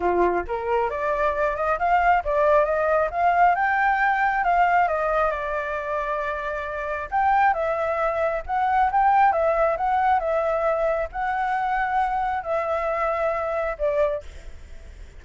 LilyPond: \new Staff \with { instrumentName = "flute" } { \time 4/4 \tempo 4 = 135 f'4 ais'4 d''4. dis''8 | f''4 d''4 dis''4 f''4 | g''2 f''4 dis''4 | d''1 |
g''4 e''2 fis''4 | g''4 e''4 fis''4 e''4~ | e''4 fis''2. | e''2. d''4 | }